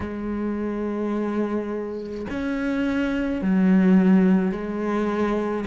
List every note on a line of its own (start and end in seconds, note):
0.00 2.26 G#3
2.30 3.41 C#4
3.41 4.51 F#3
4.51 5.64 G#3